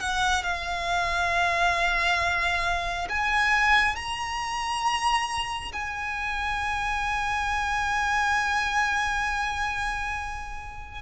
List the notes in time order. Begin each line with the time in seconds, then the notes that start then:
0.00 F#5
0.43 F5
3.09 G#5
3.96 A#5
5.73 G#5